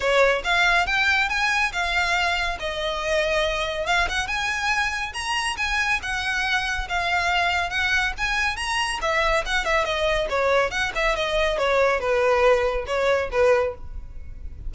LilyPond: \new Staff \with { instrumentName = "violin" } { \time 4/4 \tempo 4 = 140 cis''4 f''4 g''4 gis''4 | f''2 dis''2~ | dis''4 f''8 fis''8 gis''2 | ais''4 gis''4 fis''2 |
f''2 fis''4 gis''4 | ais''4 e''4 fis''8 e''8 dis''4 | cis''4 fis''8 e''8 dis''4 cis''4 | b'2 cis''4 b'4 | }